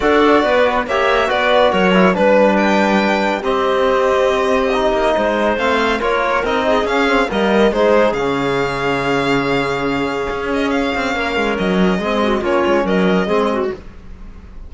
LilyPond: <<
  \new Staff \with { instrumentName = "violin" } { \time 4/4 \tempo 4 = 140 d''2 e''4 d''4 | cis''4 b'4 g''2 | dis''1~ | dis''4 f''4 cis''4 dis''4 |
f''4 dis''4 c''4 f''4~ | f''1~ | f''8 dis''8 f''2 dis''4~ | dis''4 cis''4 dis''2 | }
  \new Staff \with { instrumentName = "clarinet" } { \time 4/4 a'4 b'4 cis''4 b'4 | ais'4 b'2. | g'1 | c''2 ais'4. gis'8~ |
gis'4 ais'4 gis'2~ | gis'1~ | gis'2 ais'2 | gis'8 fis'8 f'4 ais'4 gis'8 fis'8 | }
  \new Staff \with { instrumentName = "trombone" } { \time 4/4 fis'2 g'4 fis'4~ | fis'8 e'8 d'2. | c'2. dis'4~ | dis'4 c'4 f'4 dis'4 |
cis'8 c'8 ais4 dis'4 cis'4~ | cis'1~ | cis'1 | c'4 cis'2 c'4 | }
  \new Staff \with { instrumentName = "cello" } { \time 4/4 d'4 b4 ais4 b4 | fis4 g2. | c'2.~ c'8 ais8 | gis4 a4 ais4 c'4 |
cis'4 g4 gis4 cis4~ | cis1 | cis'4. c'8 ais8 gis8 fis4 | gis4 ais8 gis8 fis4 gis4 | }
>>